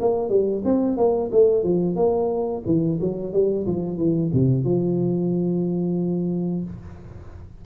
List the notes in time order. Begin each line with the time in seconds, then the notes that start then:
0.00 A#3
0.29 G3
0.65 C4
0.97 A#3
1.32 A3
1.63 F3
1.96 A#3
2.66 E3
3.01 F#3
3.33 G3
3.67 F3
3.97 E3
4.33 C3
4.65 F3